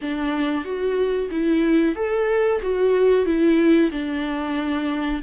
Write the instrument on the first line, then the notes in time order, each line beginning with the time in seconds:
viola
0.01 D4
0.64 F#4
1.30 E4
1.95 A4
2.61 F#4
3.25 E4
3.91 D4